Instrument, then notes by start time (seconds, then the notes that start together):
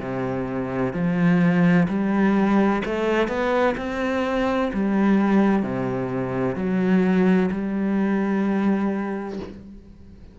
cello
0.00 C3
0.94 F3
1.89 G3
2.86 A3
3.28 B3
3.78 C4
4.74 G3
5.63 C3
6.56 F#3
7.52 G3